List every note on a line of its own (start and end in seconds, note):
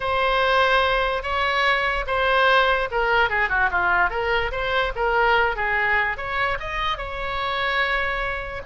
0.00 1.23 C5
1.23 2.05 C#5
2.06 2.88 C5
2.91 3.29 A#4
3.29 3.49 G#4
3.49 3.69 F#4
3.71 4.10 F4
4.10 4.51 A#4
4.51 4.92 C5
4.95 5.56 A#4
5.56 6.17 G#4
6.17 6.58 C#5
6.59 6.97 D#5
6.97 8.62 C#5